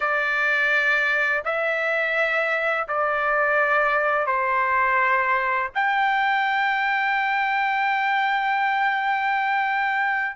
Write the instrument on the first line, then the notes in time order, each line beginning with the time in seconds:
trumpet
0.00 D5
1.44 E5
2.88 D5
4.26 C5
5.75 G5